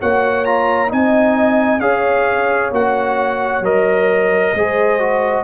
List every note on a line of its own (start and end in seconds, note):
0.00 0.92 A#3
0.00 0.46 F#4
0.00 0.91 C#5
0.00 0.45 F#5
0.45 0.89 F4
0.45 0.91 A#5
0.89 1.81 C4
0.89 1.80 D#4
0.89 1.82 D#5
0.89 1.80 G#5
1.80 2.72 C#4
1.80 2.73 G#4
1.80 4.55 C#5
1.80 2.71 F5
2.72 3.61 A#3
2.72 3.65 F#4
2.72 3.65 F#5
3.61 4.52 F#3
3.61 4.55 A#4
3.61 5.44 D#5
4.55 5.44 G#3
4.55 5.00 G#4
4.55 5.44 C5
5.00 5.44 F#4